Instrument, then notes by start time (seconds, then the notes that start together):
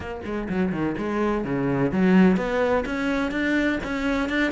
cello
0.00 A#3
0.24 G#3
0.49 F#3
0.71 D#3
0.98 G#3
1.44 C#3
1.91 F#3
2.37 B3
2.85 C#4
3.31 D4
3.83 C#4
4.29 D4